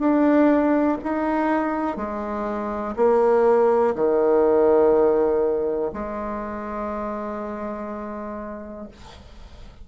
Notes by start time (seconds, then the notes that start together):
0.00 D4
1.04 D#4
1.97 G#3
2.97 A#3
3.96 D#3
5.94 G#3